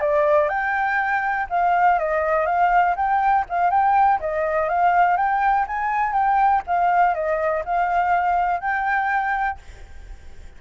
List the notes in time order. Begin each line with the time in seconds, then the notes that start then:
0.00 D5
0.49 G5
1.50 F5
1.99 D#5
2.45 F5
2.96 G5
3.49 F5
3.70 G5
4.20 D#5
4.69 F5
5.16 G5
5.67 G#5
6.13 G5
6.66 F5
7.14 D#5
7.65 F5
8.60 G5